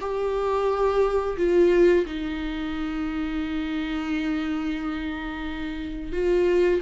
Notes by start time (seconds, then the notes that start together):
0.00 G4
1.37 F4
2.06 D#4
6.12 F4